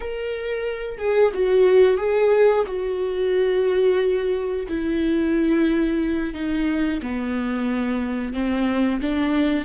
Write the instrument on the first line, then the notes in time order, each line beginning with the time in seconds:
viola
0.00 A#4
0.98 G#4
1.34 F#4
1.97 G#4
2.66 F#4
4.68 E4
6.34 D#4
7.02 B3
8.33 C4
9.01 D4